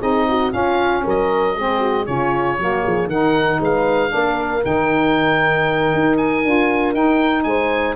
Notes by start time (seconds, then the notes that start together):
0.00 C4 D#4 G#4 D#5
0.29 F#4
0.51 C#4 F4 F5
1.04 F#3 A#4 D#5
1.56 G#3 C4 G#4
1.79 F#4
2.06 C#3 C#4 F4 C#5
2.58 F#3 A#3 F#4
2.83 F3 G#4
3.06 D#3 D#4 A#4 F#5
3.60 G#3 B4 F5
4.09 A#3 D4 A#4
4.63 D#3 D#4 G5
5.94 D#4
6.17 G#5
6.45 D4 F4
6.93 D#4 G5
7.43 G#3 C5 G#5